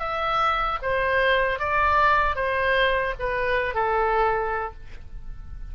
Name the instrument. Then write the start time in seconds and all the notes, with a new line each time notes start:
oboe
0.00 E5
0.83 C5
1.59 D5
2.36 C5
3.20 B4
3.75 A4